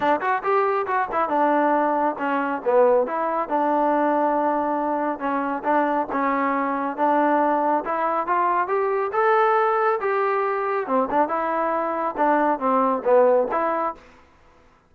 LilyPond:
\new Staff \with { instrumentName = "trombone" } { \time 4/4 \tempo 4 = 138 d'8 fis'8 g'4 fis'8 e'8 d'4~ | d'4 cis'4 b4 e'4 | d'1 | cis'4 d'4 cis'2 |
d'2 e'4 f'4 | g'4 a'2 g'4~ | g'4 c'8 d'8 e'2 | d'4 c'4 b4 e'4 | }